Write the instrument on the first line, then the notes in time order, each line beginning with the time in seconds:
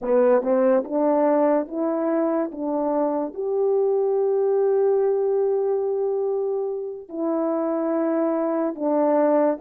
horn
0.02 B3
0.42 C4
0.84 D4
1.67 E4
2.51 D4
3.34 G4
7.08 E4
8.75 D4